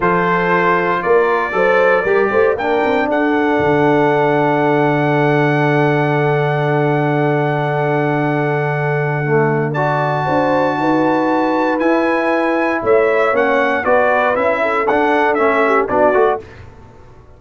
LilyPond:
<<
  \new Staff \with { instrumentName = "trumpet" } { \time 4/4 \tempo 4 = 117 c''2 d''2~ | d''4 g''4 fis''2~ | fis''1~ | fis''1~ |
fis''2. a''4~ | a''2. gis''4~ | gis''4 e''4 fis''4 d''4 | e''4 fis''4 e''4 d''4 | }
  \new Staff \with { instrumentName = "horn" } { \time 4/4 a'2 ais'4 c''4 | ais'8 c''8 ais'4 a'2~ | a'1~ | a'1~ |
a'2. d''4 | c''4 b'2.~ | b'4 cis''2 b'4~ | b'8 a'2 g'8 fis'4 | }
  \new Staff \with { instrumentName = "trombone" } { \time 4/4 f'2. a'4 | g'4 d'2.~ | d'1~ | d'1~ |
d'2 a4 fis'4~ | fis'2. e'4~ | e'2 cis'4 fis'4 | e'4 d'4 cis'4 d'8 fis'8 | }
  \new Staff \with { instrumentName = "tuba" } { \time 4/4 f2 ais4 fis4 | g8 a8 ais8 c'8 d'4 d4~ | d1~ | d1~ |
d1 | d'4 dis'2 e'4~ | e'4 a4 ais4 b4 | cis'4 d'4 a4 b8 a8 | }
>>